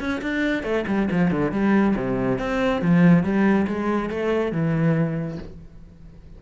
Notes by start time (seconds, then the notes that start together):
0.00 C#4
0.22 D4
0.64 A3
0.88 G3
1.12 F3
1.31 D3
1.52 G3
1.96 C3
2.39 C4
2.82 F3
3.24 G3
3.68 G#3
4.10 A3
4.52 E3